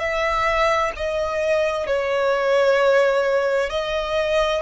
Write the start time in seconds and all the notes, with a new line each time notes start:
0.00 E5
0.97 D#5
1.87 C#5
3.70 D#5